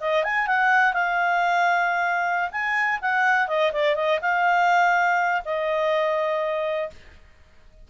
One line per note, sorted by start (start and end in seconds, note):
0.00 0.24 D#5
0.24 0.47 G#5
0.47 0.93 F#5
0.93 2.51 F5
2.51 3.00 G#5
3.01 3.48 F#5
3.48 3.72 D#5
3.73 3.95 D5
3.95 4.19 D#5
4.21 5.42 F5
5.45 6.90 D#5